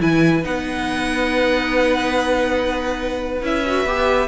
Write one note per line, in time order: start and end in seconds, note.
0.00 0.45 E3
0.00 0.43 E4
0.00 4.28 B4
0.00 0.45 G#5
0.43 3.42 B3
0.43 3.42 D#4
0.43 3.45 F#5
3.42 3.85 C#4
3.42 3.63 E4
3.42 4.28 E5
3.67 3.87 F#4
3.85 4.28 B3
3.85 4.28 G4